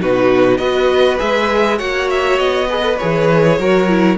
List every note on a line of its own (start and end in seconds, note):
0.00 0.58 B2
0.00 0.59 D#4
0.00 0.59 F#4
0.00 0.58 B4
0.58 1.18 B3
0.58 1.19 F#4
0.58 1.78 B4
0.58 1.18 D#5
1.19 1.81 G#3
1.19 1.78 G#4
1.19 1.79 E5
1.78 2.39 A#3
1.78 2.68 F#4
1.78 2.68 C#5
1.78 2.09 F#5
2.10 2.39 E5
2.39 2.99 B3
2.39 2.98 D#5
2.69 2.83 G#4
2.69 3.59 B4
2.83 2.98 A4
2.98 3.59 E3
2.98 3.60 G#4
2.98 4.18 C#5
3.59 4.18 F#3
3.59 3.89 F#4
3.59 4.18 A#4
3.89 4.18 E4